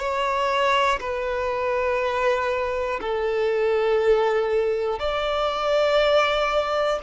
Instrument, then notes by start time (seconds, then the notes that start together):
violin
0.00 C#5
1.01 B4
3.01 A4
5.00 D5